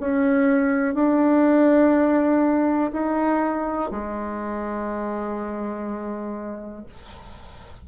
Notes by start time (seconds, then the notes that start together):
0.00 C#4
0.94 D4
2.92 D#4
3.91 G#3